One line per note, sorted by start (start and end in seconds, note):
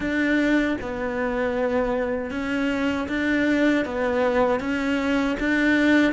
0.00 0.77 D4
0.81 2.30 B3
2.30 3.07 C#4
3.08 3.85 D4
3.85 4.59 B3
4.59 5.36 C#4
5.39 6.12 D4